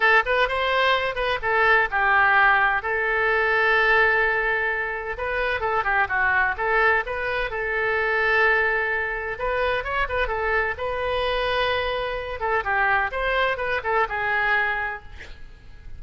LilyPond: \new Staff \with { instrumentName = "oboe" } { \time 4/4 \tempo 4 = 128 a'8 b'8 c''4. b'8 a'4 | g'2 a'2~ | a'2. b'4 | a'8 g'8 fis'4 a'4 b'4 |
a'1 | b'4 cis''8 b'8 a'4 b'4~ | b'2~ b'8 a'8 g'4 | c''4 b'8 a'8 gis'2 | }